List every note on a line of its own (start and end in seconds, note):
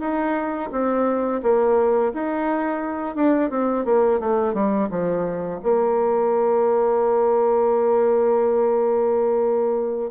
0.00 0.70 D#4
0.72 1.41 C4
1.42 2.12 A#3
2.14 3.15 D#4
3.15 3.50 D4
3.50 3.85 C4
3.85 4.20 A#3
4.20 4.54 A3
4.54 4.89 G3
4.90 5.60 F3
5.63 10.11 A#3